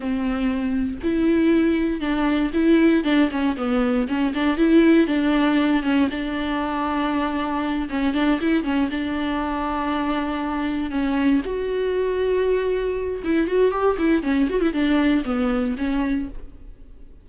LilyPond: \new Staff \with { instrumentName = "viola" } { \time 4/4 \tempo 4 = 118 c'2 e'2 | d'4 e'4 d'8 cis'8 b4 | cis'8 d'8 e'4 d'4. cis'8 | d'2.~ d'8 cis'8 |
d'8 e'8 cis'8 d'2~ d'8~ | d'4. cis'4 fis'4.~ | fis'2 e'8 fis'8 g'8 e'8 | cis'8 fis'16 e'16 d'4 b4 cis'4 | }